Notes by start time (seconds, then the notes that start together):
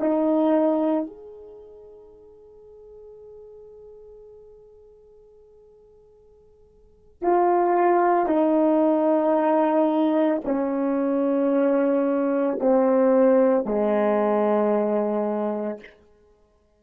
0.00 D#4
1.07 G#4
7.22 F4
8.27 D#4
10.45 C#4
12.61 C4
13.66 G#3